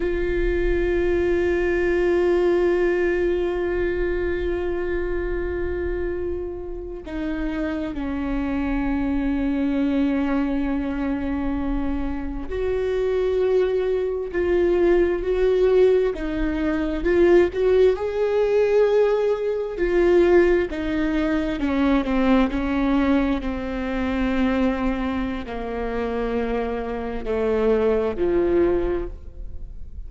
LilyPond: \new Staff \with { instrumentName = "viola" } { \time 4/4 \tempo 4 = 66 f'1~ | f'2.~ f'8. dis'16~ | dis'8. cis'2.~ cis'16~ | cis'4.~ cis'16 fis'2 f'16~ |
f'8. fis'4 dis'4 f'8 fis'8 gis'16~ | gis'4.~ gis'16 f'4 dis'4 cis'16~ | cis'16 c'8 cis'4 c'2~ c'16 | ais2 a4 f4 | }